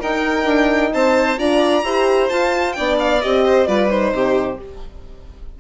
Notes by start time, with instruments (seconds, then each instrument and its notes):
0.00 bassoon D#4, horn D#4, violin A#4 G5
0.45 bassoon D4
0.93 bassoon C4, violin C5 A5
1.38 bassoon D4, horn F4, violin D5 A#5
1.83 bassoon E4, horn G4, violin C5
2.29 horn F4, bassoon F4, violin A5
2.73 bassoon B3, horn D4, violin D5 G5
2.99 violin F5
3.21 bassoon C4, horn G4, violin D#5
3.46 violin C5
3.67 bassoon G3, horn F4, violin B4 D5
3.88 horn D#4, violin C5
4.12 bassoon C3, violin G4